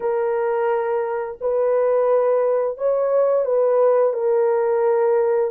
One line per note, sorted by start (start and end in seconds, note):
0.00 1.38 A#4
1.40 2.77 B4
2.77 3.45 C#5
3.45 4.13 B4
4.13 5.50 A#4